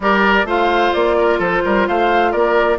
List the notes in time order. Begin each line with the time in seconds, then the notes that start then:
0.00 G3 G4 A#4 D5
0.44 A3 F4 C5 F5
0.93 A#3 D5
1.18 A#4
1.39 F3 A4 C5
1.64 G3 A#4
1.87 A3 C5 F5
2.31 A#3 A#4 D5